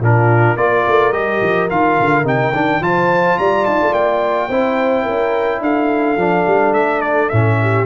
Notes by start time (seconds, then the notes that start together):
0.00 A#2 D4 F4 A#4
0.57 A#3 F4 A#4 D5
0.87 A3
1.13 G3 G4 D#5
1.42 F3
1.70 D#3 F4 F5
2.00 D3
2.24 C3 D#4 G5
2.52 D#3 D4
2.81 F3 F4 C5 A5
3.39 G3 D5 A#5
3.66 D#4 A5
3.81 A3
3.93 A#3 G5
4.49 C4 E4 C5
5.04 C#4 A#4
5.61 D4 A4 F5
6.17 F3 D4
6.47 G3
6.73 A3 E5
7.01 D5
7.29 A2 C#4 E5
7.61 G4